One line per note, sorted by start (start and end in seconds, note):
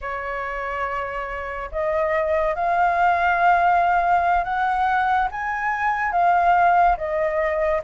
0.01 1.70 C#5
1.71 2.55 D#5
2.55 4.44 F5
4.44 5.28 F#5
5.30 6.12 G#5
6.12 6.96 F5
6.97 7.81 D#5